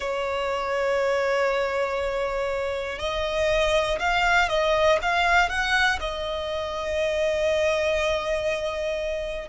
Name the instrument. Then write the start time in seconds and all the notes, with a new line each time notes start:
violin
0.00 C#5
2.98 D#5
3.99 F5
4.49 D#5
5.02 F5
5.49 F#5
6.00 D#5